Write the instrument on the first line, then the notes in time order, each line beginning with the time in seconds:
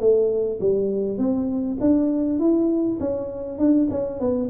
tuba
0.00 A3
0.60 G3
1.18 C4
1.80 D4
2.39 E4
3.00 C#4
3.58 D4
3.90 C#4
4.20 B3